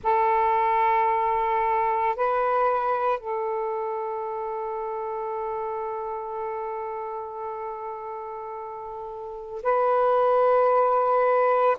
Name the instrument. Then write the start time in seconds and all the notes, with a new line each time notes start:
saxophone
0.03 A4
2.15 B4
3.19 A4
9.62 B4